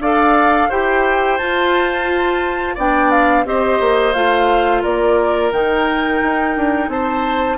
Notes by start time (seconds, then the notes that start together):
0.00 D4 A4 D5 F5
0.70 E4 G4 C5 G5
1.38 F4 A5
2.75 B3 D4 D5 G5
3.11 F5
3.45 C4 G4 C5 D#5
3.81 A#3
4.14 A3 F4 F5
4.83 A#3 A#4 D5
5.52 D#3 D#4 G5
6.23 D#4
6.57 D4
6.89 C4 C5 A5